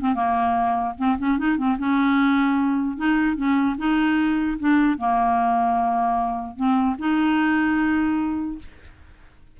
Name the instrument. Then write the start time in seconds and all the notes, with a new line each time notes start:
clarinet
0.00 C4
0.14 A#3
0.97 C4
1.18 C#4
1.38 D#4
1.57 C4
1.78 C#4
2.97 D#4
3.36 C#4
3.78 D#4
4.59 D4
4.98 A#3
6.56 C4
6.98 D#4